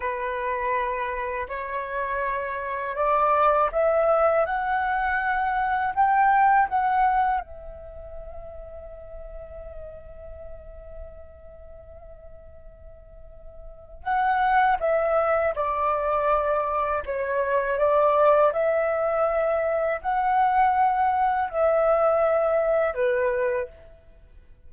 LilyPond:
\new Staff \with { instrumentName = "flute" } { \time 4/4 \tempo 4 = 81 b'2 cis''2 | d''4 e''4 fis''2 | g''4 fis''4 e''2~ | e''1~ |
e''2. fis''4 | e''4 d''2 cis''4 | d''4 e''2 fis''4~ | fis''4 e''2 b'4 | }